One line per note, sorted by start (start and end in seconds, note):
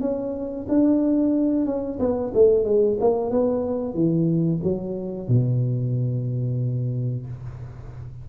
0.00 0.66 C#4
0.69 1.65 D4
1.65 1.98 C#4
1.99 2.32 B3
2.34 2.64 A3
2.64 2.97 G#3
3.00 3.31 A#3
3.31 3.94 B3
3.94 4.60 E3
4.63 5.28 F#3
5.28 7.26 B2